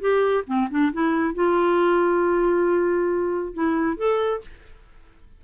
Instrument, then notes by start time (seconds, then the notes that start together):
clarinet
0.00 G4
0.46 C4
0.70 D4
0.92 E4
1.34 F4
3.54 E4
3.97 A4